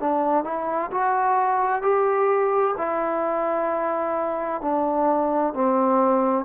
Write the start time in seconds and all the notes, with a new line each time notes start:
0.00 D4
0.44 E4
0.91 F#4
1.82 G4
2.77 E4
4.61 D4
5.53 C4